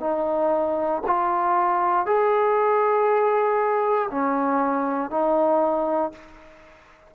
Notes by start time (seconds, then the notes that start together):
0.00 D#4
1.06 F4
2.06 G#4
4.10 C#4
5.10 D#4